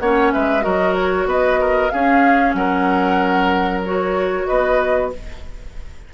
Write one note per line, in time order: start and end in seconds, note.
0.00 0.32 A#3
0.00 0.61 C#4
0.00 0.34 C#5
0.00 0.32 F#5
0.33 0.66 G#3
0.33 0.64 B4
0.33 0.62 E5
0.61 1.26 F#3
0.61 1.89 F#4
0.61 1.28 A#4
0.61 0.94 D#5
0.96 1.28 C#5
1.26 1.90 B3
1.26 1.60 B4
1.26 1.90 D#5
1.61 1.93 A#4
1.90 3.84 C#4
1.90 2.54 C#4
1.90 2.57 G#4
1.90 2.54 F5
2.54 4.46 F#3
2.54 4.47 A#4
2.54 3.82 F#5
3.85 5.13 F#4
3.85 4.47 C#5
4.47 5.14 B3
4.47 5.11 B4
4.47 5.10 D#5